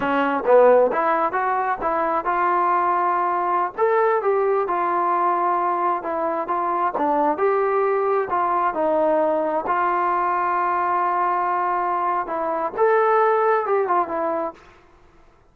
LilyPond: \new Staff \with { instrumentName = "trombone" } { \time 4/4 \tempo 4 = 132 cis'4 b4 e'4 fis'4 | e'4 f'2.~ | f'16 a'4 g'4 f'4.~ f'16~ | f'4~ f'16 e'4 f'4 d'8.~ |
d'16 g'2 f'4 dis'8.~ | dis'4~ dis'16 f'2~ f'8.~ | f'2. e'4 | a'2 g'8 f'8 e'4 | }